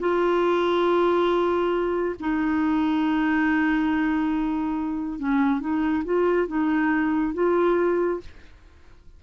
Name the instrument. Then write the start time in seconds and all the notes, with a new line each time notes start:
clarinet
0.00 F4
2.20 D#4
5.19 C#4
5.61 D#4
6.05 F4
6.48 D#4
7.34 F4